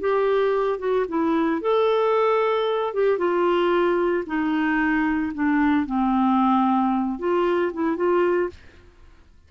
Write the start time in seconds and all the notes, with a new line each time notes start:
0.00 G4
0.79 F#4
1.08 E4
1.61 A4
2.93 G4
3.18 F4
4.26 D#4
5.34 D4
5.86 C4
7.19 F4
7.73 E4
7.96 F4